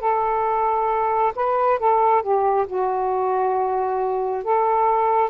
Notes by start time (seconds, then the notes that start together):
0.00 A4
1.35 B4
1.79 A4
2.22 G4
2.67 F#4
4.44 A4